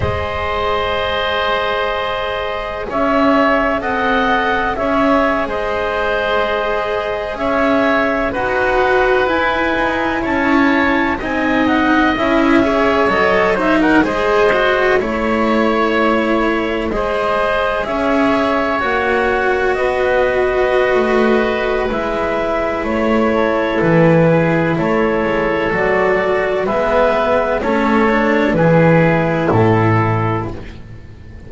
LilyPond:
<<
  \new Staff \with { instrumentName = "clarinet" } { \time 4/4 \tempo 4 = 63 dis''2. e''4 | fis''4 e''8. dis''2 e''16~ | e''8. fis''4 gis''4 a''4 gis''16~ | gis''16 fis''8 e''4 dis''8 e''16 fis''16 dis''4 cis''16~ |
cis''4.~ cis''16 dis''4 e''4 fis''16~ | fis''8. dis''2~ dis''16 e''4 | cis''4 b'4 cis''4 d''4 | e''4 cis''4 b'4 a'4 | }
  \new Staff \with { instrumentName = "oboe" } { \time 4/4 c''2. cis''4 | dis''4 cis''8. c''2 cis''16~ | cis''8. b'2 cis''4 dis''16~ | dis''4~ dis''16 cis''4 c''16 ais'16 c''4 cis''16~ |
cis''4.~ cis''16 c''4 cis''4~ cis''16~ | cis''8. b'2.~ b'16~ | b'8 a'4 gis'8 a'2 | b'4 a'4 gis'4 a'4 | }
  \new Staff \with { instrumentName = "cello" } { \time 4/4 gis'1 | a'4 gis'2.~ | gis'8. fis'4 e'2 dis'16~ | dis'8. e'8 gis'8 a'8 dis'8 gis'8 fis'8 e'16~ |
e'4.~ e'16 gis'2 fis'16~ | fis'2. e'4~ | e'2. fis'4 | b4 cis'8 d'8 e'2 | }
  \new Staff \with { instrumentName = "double bass" } { \time 4/4 gis2. cis'4 | c'4 cis'8. gis2 cis'16~ | cis'8. dis'4 e'8 dis'8 cis'4 c'16~ | c'8. cis'4 fis4 gis4 a16~ |
a4.~ a16 gis4 cis'4 ais16~ | ais8. b4~ b16 a4 gis4 | a4 e4 a8 gis8 fis4 | gis4 a4 e4 a,4 | }
>>